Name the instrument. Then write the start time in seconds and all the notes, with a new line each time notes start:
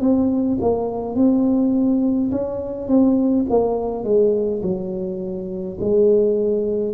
tuba
0.00 C4
0.60 A#3
1.15 C4
2.31 C#4
2.87 C4
3.49 A#3
4.04 G#3
4.62 F#3
5.80 G#3